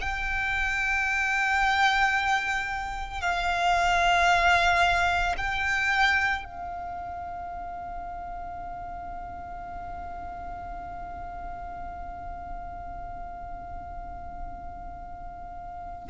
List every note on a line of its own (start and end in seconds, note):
0.00 3.21 G5
3.21 5.35 F5
5.37 6.44 G5
6.44 16.09 F5